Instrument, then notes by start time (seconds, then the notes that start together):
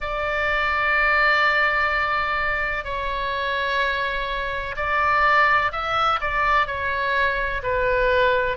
oboe
0.00 D5
2.84 C#5
4.76 D5
5.71 E5
6.20 D5
6.67 C#5
7.62 B4